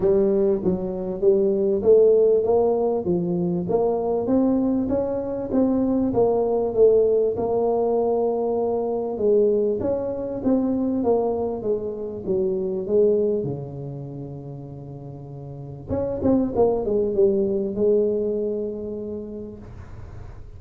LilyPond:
\new Staff \with { instrumentName = "tuba" } { \time 4/4 \tempo 4 = 98 g4 fis4 g4 a4 | ais4 f4 ais4 c'4 | cis'4 c'4 ais4 a4 | ais2. gis4 |
cis'4 c'4 ais4 gis4 | fis4 gis4 cis2~ | cis2 cis'8 c'8 ais8 gis8 | g4 gis2. | }